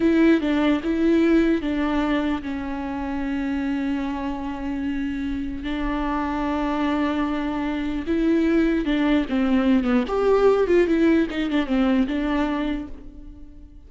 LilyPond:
\new Staff \with { instrumentName = "viola" } { \time 4/4 \tempo 4 = 149 e'4 d'4 e'2 | d'2 cis'2~ | cis'1~ | cis'2 d'2~ |
d'1 | e'2 d'4 c'4~ | c'8 b8 g'4. f'8 e'4 | dis'8 d'8 c'4 d'2 | }